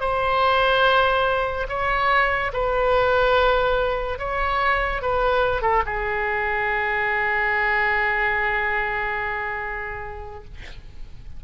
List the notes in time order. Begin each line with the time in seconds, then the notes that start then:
0.00 C5
1.68 C#5
2.53 B4
4.18 C#5
5.02 B4
5.61 A4
5.86 G#4